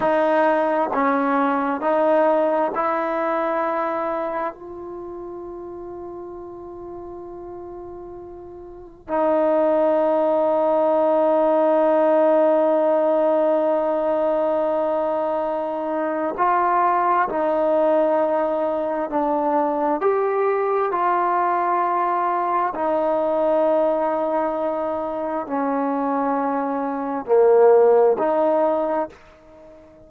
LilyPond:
\new Staff \with { instrumentName = "trombone" } { \time 4/4 \tempo 4 = 66 dis'4 cis'4 dis'4 e'4~ | e'4 f'2.~ | f'2 dis'2~ | dis'1~ |
dis'2 f'4 dis'4~ | dis'4 d'4 g'4 f'4~ | f'4 dis'2. | cis'2 ais4 dis'4 | }